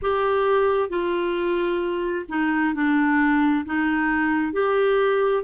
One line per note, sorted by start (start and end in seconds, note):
0.02 0.89 G4
0.89 2.25 F4
2.29 2.74 D#4
2.74 3.65 D4
3.65 4.52 D#4
4.52 5.43 G4